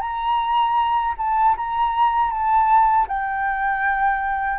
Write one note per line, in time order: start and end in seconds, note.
0.00 1.14 A#5
1.17 1.55 A5
1.56 2.30 A#5
2.30 3.06 A5
3.07 4.58 G5